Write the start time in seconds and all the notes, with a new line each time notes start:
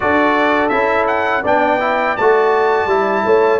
0.00 D4 F#4 A4 D5
0.68 C#4 E4 E5
1.07 F#5
1.42 B3 D4 D5 G5
1.80 E4
2.17 A3 F#4 A5
2.86 G3 E4
3.25 A3 C#5